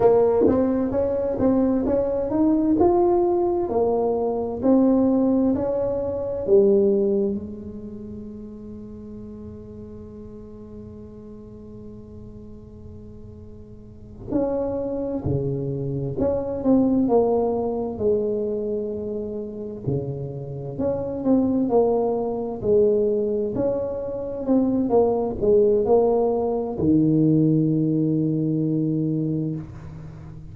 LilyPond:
\new Staff \with { instrumentName = "tuba" } { \time 4/4 \tempo 4 = 65 ais8 c'8 cis'8 c'8 cis'8 dis'8 f'4 | ais4 c'4 cis'4 g4 | gis1~ | gis2.~ gis8 cis'8~ |
cis'8 cis4 cis'8 c'8 ais4 gis8~ | gis4. cis4 cis'8 c'8 ais8~ | ais8 gis4 cis'4 c'8 ais8 gis8 | ais4 dis2. | }